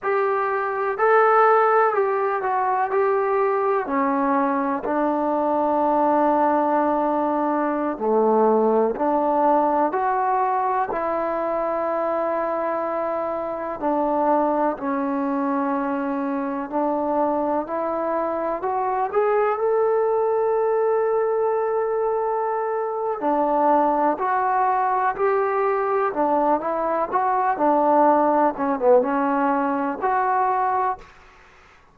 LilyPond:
\new Staff \with { instrumentName = "trombone" } { \time 4/4 \tempo 4 = 62 g'4 a'4 g'8 fis'8 g'4 | cis'4 d'2.~ | d'16 a4 d'4 fis'4 e'8.~ | e'2~ e'16 d'4 cis'8.~ |
cis'4~ cis'16 d'4 e'4 fis'8 gis'16~ | gis'16 a'2.~ a'8. | d'4 fis'4 g'4 d'8 e'8 | fis'8 d'4 cis'16 b16 cis'4 fis'4 | }